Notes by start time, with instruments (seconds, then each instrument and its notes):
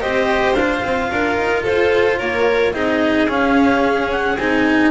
0.00 double bass C4, cello G4, violin C5, clarinet D#5
0.54 double bass D4, cello F4, clarinet F5
0.82 double bass C4
1.11 double bass D4, violin A#4
1.37 double bass D#4
1.62 double bass F4, violin A4, clarinet C5
2.18 double bass A#3, violin A#4, clarinet C#5
2.73 double bass C4, cello D#4, violin G#4, clarinet D#5
3.27 double bass C#4, cello C#4, clarinet F5
4.11 clarinet F#5
4.37 double bass C4, cello D#4, clarinet G#5